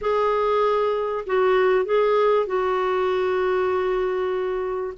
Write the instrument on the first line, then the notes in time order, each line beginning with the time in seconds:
clarinet
0.01 G#4
1.26 F#4
1.85 G#4
2.46 F#4